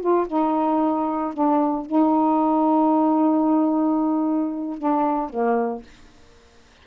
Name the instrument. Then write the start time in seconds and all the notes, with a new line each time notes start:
saxophone
0.00 F4
0.27 D#4
1.33 D4
1.86 D#4
4.78 D4
5.29 A#3